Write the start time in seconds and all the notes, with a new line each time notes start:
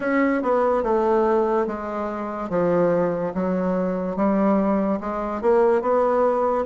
0.00 C#4
0.42 B3
0.83 A3
1.67 G#3
2.49 F3
3.34 F#3
4.16 G3
5.00 G#3
5.41 A#3
5.81 B3